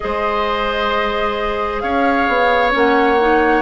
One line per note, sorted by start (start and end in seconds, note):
0.00 1.83 G#3
0.00 2.71 G#4
0.00 1.83 C5
0.00 1.80 D#5
1.80 2.27 C#4
1.80 3.62 C#5
1.80 2.71 F5
2.27 2.73 B3
2.71 3.62 A#3
2.71 3.16 C#4
2.71 3.62 F#5
3.20 3.62 D#4